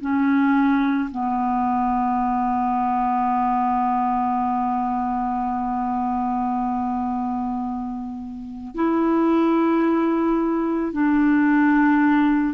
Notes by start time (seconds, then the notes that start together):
0.00 C#4
1.11 B3
8.74 E4
10.92 D4